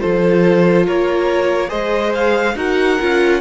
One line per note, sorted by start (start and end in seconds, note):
0.00 0.88 F3
0.00 1.68 F4
0.00 0.87 A4
0.00 0.87 C5
0.87 1.72 A#3
0.87 1.70 A#4
0.87 1.70 C#5
1.68 2.56 G#3
1.68 2.54 G#4
1.68 2.55 C5
1.68 2.13 D#5
2.15 2.58 F5
2.56 2.99 D#4
2.56 2.99 F#4
2.56 3.41 A#4
2.56 3.41 F#5
3.00 3.41 C#4
3.00 3.41 F4